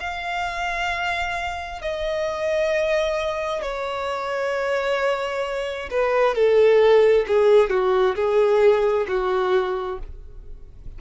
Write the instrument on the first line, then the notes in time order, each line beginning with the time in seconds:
violin
0.00 F5
1.81 D#5
3.62 C#5
5.90 B4
6.35 A4
7.27 G#4
7.70 F#4
8.16 G#4
9.08 F#4